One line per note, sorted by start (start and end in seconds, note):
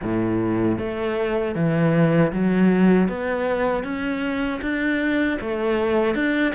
0.02 0.78 A2
0.78 1.55 A3
1.55 2.32 E3
2.32 3.08 F#3
3.08 3.83 B3
3.83 4.60 C#4
4.61 5.38 D4
5.41 6.14 A3
6.14 6.53 D4